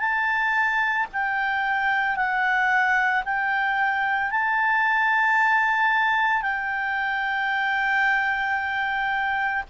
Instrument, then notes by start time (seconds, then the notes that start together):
clarinet
0.00 A5
1.13 G5
2.16 F#5
3.25 G5
4.31 A5
6.42 G5